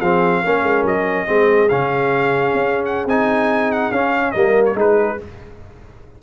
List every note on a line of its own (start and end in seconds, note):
0.00 0.43 F3
0.00 0.45 C4
0.00 0.42 G#4
0.00 0.85 F5
0.44 0.63 A#3
0.44 1.27 C#4
0.44 1.27 A#4
0.63 0.84 G#3
0.84 1.27 F#3
0.84 1.69 D#5
1.27 1.71 G#3
1.27 1.69 C4
1.27 4.32 G#4
1.69 2.54 C#3
1.69 3.08 C#4
1.69 2.85 F5
2.54 3.06 C#4
2.85 3.07 F#5
3.06 3.90 C4
3.06 3.94 D#4
3.06 3.72 G#5
3.72 3.92 F#5
3.91 4.34 C#4
3.91 4.35 C#4
3.91 4.31 F5
4.31 4.75 G3
4.31 4.75 A#3
4.31 4.74 A#4
4.31 4.63 D#5
4.66 4.76 C#5
4.75 5.17 G#3
4.75 5.18 D#4
4.75 5.19 G#4
4.75 5.23 B4